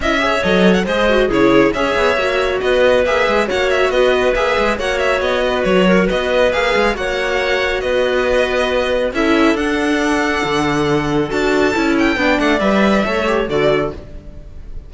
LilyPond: <<
  \new Staff \with { instrumentName = "violin" } { \time 4/4 \tempo 4 = 138 e''4 dis''8. fis''16 dis''4 cis''4 | e''2 dis''4 e''4 | fis''8 e''8 dis''4 e''4 fis''8 e''8 | dis''4 cis''4 dis''4 f''4 |
fis''2 dis''2~ | dis''4 e''4 fis''2~ | fis''2 a''4. g''8~ | g''8 fis''8 e''2 d''4 | }
  \new Staff \with { instrumentName = "clarinet" } { \time 4/4 dis''8 cis''4. c''4 gis'4 | cis''2 b'2 | cis''4 b'2 cis''4~ | cis''8 b'4 ais'8 b'2 |
cis''2 b'2~ | b'4 a'2.~ | a'1 | d''2 cis''4 a'4 | }
  \new Staff \with { instrumentName = "viola" } { \time 4/4 e'8 gis'8 a'4 gis'8 fis'8 e'4 | gis'4 fis'2 gis'4 | fis'2 gis'4 fis'4~ | fis'2. gis'4 |
fis'1~ | fis'4 e'4 d'2~ | d'2 fis'4 e'4 | d'4 b'4 a'8 g'8 fis'4 | }
  \new Staff \with { instrumentName = "cello" } { \time 4/4 cis'4 fis4 gis4 cis4 | cis'8 b8 ais4 b4 ais8 gis8 | ais4 b4 ais8 gis8 ais4 | b4 fis4 b4 ais8 gis8 |
ais2 b2~ | b4 cis'4 d'2 | d2 d'4 cis'4 | b8 a8 g4 a4 d4 | }
>>